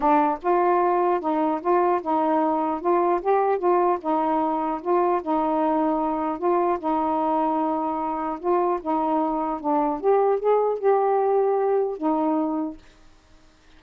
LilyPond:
\new Staff \with { instrumentName = "saxophone" } { \time 4/4 \tempo 4 = 150 d'4 f'2 dis'4 | f'4 dis'2 f'4 | g'4 f'4 dis'2 | f'4 dis'2. |
f'4 dis'2.~ | dis'4 f'4 dis'2 | d'4 g'4 gis'4 g'4~ | g'2 dis'2 | }